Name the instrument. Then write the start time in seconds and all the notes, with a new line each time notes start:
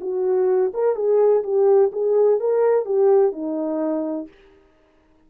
horn
0.00 F#4
0.74 A#4
0.95 G#4
1.43 G4
1.92 G#4
2.39 A#4
2.85 G4
3.32 D#4